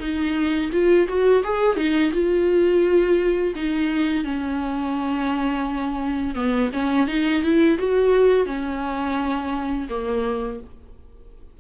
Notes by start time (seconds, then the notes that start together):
0.00 D#4
0.72 F4
1.08 F#4
1.44 G#4
1.77 D#4
2.13 F4
3.56 D#4
4.24 C#4
6.35 B3
6.73 C#4
7.08 D#4
7.43 E4
7.79 F#4
8.46 C#4
9.90 A#3